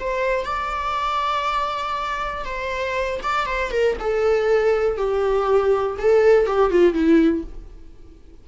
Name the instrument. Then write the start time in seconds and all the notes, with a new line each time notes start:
viola
0.00 C5
0.45 D5
2.45 C5
3.23 D5
3.46 C5
3.71 A#4
4.00 A4
4.97 G4
5.98 A4
6.46 G4
6.71 F4
6.94 E4